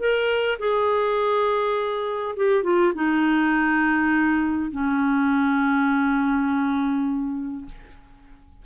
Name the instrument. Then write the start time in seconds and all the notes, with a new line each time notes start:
clarinet
0.00 A#4
0.60 G#4
2.37 G4
2.64 F4
2.95 D#4
4.72 C#4